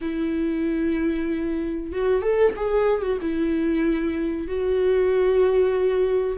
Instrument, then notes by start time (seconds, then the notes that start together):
viola
0.01 E4
1.92 F#4
2.22 A4
2.56 G#4
3.02 F#4
3.21 E4
4.47 F#4